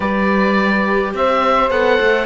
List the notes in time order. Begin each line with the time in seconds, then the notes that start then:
0.00 G3 G4 B4 D5
1.13 C4 C5 E5
1.70 B3 A4 F#5
2.00 A3